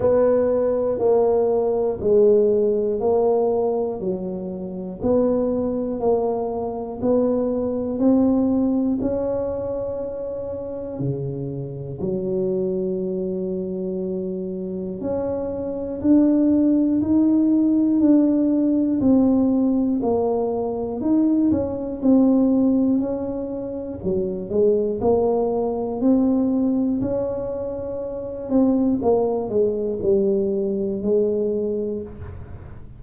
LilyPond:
\new Staff \with { instrumentName = "tuba" } { \time 4/4 \tempo 4 = 60 b4 ais4 gis4 ais4 | fis4 b4 ais4 b4 | c'4 cis'2 cis4 | fis2. cis'4 |
d'4 dis'4 d'4 c'4 | ais4 dis'8 cis'8 c'4 cis'4 | fis8 gis8 ais4 c'4 cis'4~ | cis'8 c'8 ais8 gis8 g4 gis4 | }